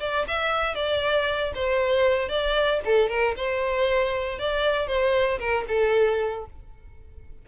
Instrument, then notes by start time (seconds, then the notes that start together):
violin
0.00 D5
0.28 E5
0.75 D5
1.55 C5
2.29 D5
2.85 A4
3.09 A#4
3.36 C5
4.39 D5
4.87 C5
5.39 A#4
5.68 A4